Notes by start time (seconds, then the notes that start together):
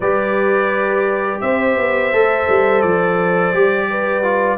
0.00 G3 G4 B4 D5
1.40 C4 C5 E5
1.77 B3
2.12 A3 A4
2.49 G3
2.81 F3 D5
3.53 G3 G4
3.90 B4
4.23 F4